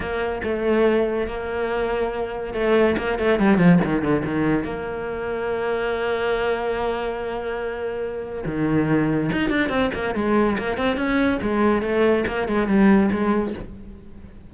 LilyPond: \new Staff \with { instrumentName = "cello" } { \time 4/4 \tempo 4 = 142 ais4 a2 ais4~ | ais2 a4 ais8 a8 | g8 f8 dis8 d8 dis4 ais4~ | ais1~ |
ais1 | dis2 dis'8 d'8 c'8 ais8 | gis4 ais8 c'8 cis'4 gis4 | a4 ais8 gis8 g4 gis4 | }